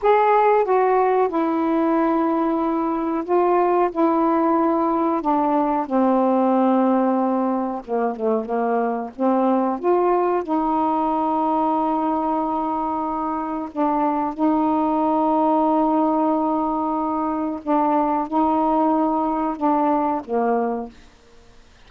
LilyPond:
\new Staff \with { instrumentName = "saxophone" } { \time 4/4 \tempo 4 = 92 gis'4 fis'4 e'2~ | e'4 f'4 e'2 | d'4 c'2. | ais8 a8 ais4 c'4 f'4 |
dis'1~ | dis'4 d'4 dis'2~ | dis'2. d'4 | dis'2 d'4 ais4 | }